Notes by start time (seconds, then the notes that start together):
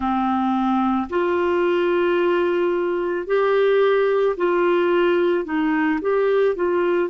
0.00 C4
1.09 F4
3.27 G4
4.36 F4
5.44 D#4
6.00 G4
6.55 F4